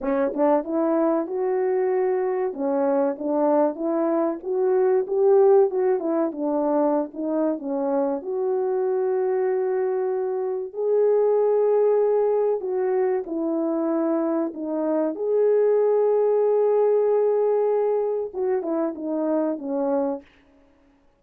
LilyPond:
\new Staff \with { instrumentName = "horn" } { \time 4/4 \tempo 4 = 95 cis'8 d'8 e'4 fis'2 | cis'4 d'4 e'4 fis'4 | g'4 fis'8 e'8 d'4~ d'16 dis'8. | cis'4 fis'2.~ |
fis'4 gis'2. | fis'4 e'2 dis'4 | gis'1~ | gis'4 fis'8 e'8 dis'4 cis'4 | }